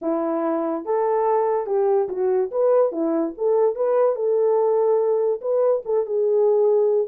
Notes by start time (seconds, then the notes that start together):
0.01 E4
0.85 A4
1.66 G4
2.09 F#4
2.51 B4
2.91 E4
3.37 A4
3.75 B4
4.15 A4
5.41 B4
5.85 A4
6.06 G#4